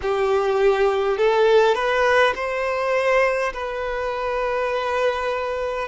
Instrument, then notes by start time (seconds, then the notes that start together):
violin
0.02 G4
1.17 A4
1.74 B4
2.35 C5
3.53 B4